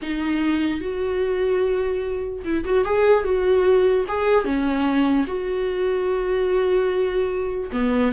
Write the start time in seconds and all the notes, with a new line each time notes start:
0.02 D#4
0.81 F#4
2.44 E4
2.64 F#4
2.85 G#4
3.24 F#4
4.07 G#4
4.44 C#4
5.27 F#4
7.72 B3